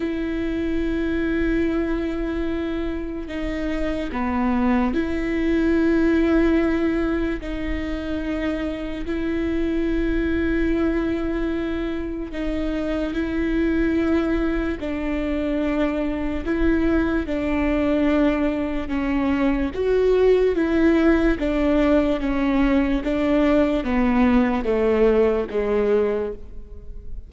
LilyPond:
\new Staff \with { instrumentName = "viola" } { \time 4/4 \tempo 4 = 73 e'1 | dis'4 b4 e'2~ | e'4 dis'2 e'4~ | e'2. dis'4 |
e'2 d'2 | e'4 d'2 cis'4 | fis'4 e'4 d'4 cis'4 | d'4 b4 a4 gis4 | }